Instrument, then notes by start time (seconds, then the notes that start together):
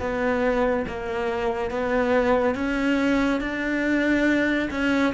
cello
0.00 B3
0.87 A#3
1.71 B3
2.55 C#4
3.41 D4
4.71 C#4